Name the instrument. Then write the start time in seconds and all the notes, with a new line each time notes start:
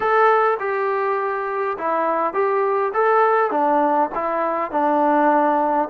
trombone
0.00 A4
0.59 G4
1.78 E4
2.33 G4
2.93 A4
3.51 D4
4.14 E4
4.71 D4